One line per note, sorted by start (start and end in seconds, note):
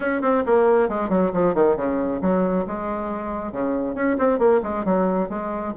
0.00 0.21 C#4
0.21 0.43 C4
0.46 0.88 A#3
0.88 1.09 G#3
1.09 1.31 F#3
1.33 1.54 F3
1.54 1.76 D#3
1.76 2.20 C#3
2.21 2.65 F#3
2.67 3.52 G#3
3.52 3.94 C#3
3.94 4.16 C#4
4.18 4.38 C4
4.38 4.60 A#3
4.63 4.84 G#3
4.84 5.29 F#3
5.29 5.73 G#3